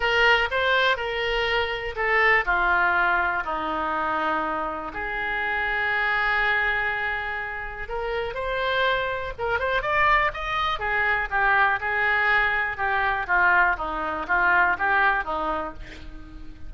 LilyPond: \new Staff \with { instrumentName = "oboe" } { \time 4/4 \tempo 4 = 122 ais'4 c''4 ais'2 | a'4 f'2 dis'4~ | dis'2 gis'2~ | gis'1 |
ais'4 c''2 ais'8 c''8 | d''4 dis''4 gis'4 g'4 | gis'2 g'4 f'4 | dis'4 f'4 g'4 dis'4 | }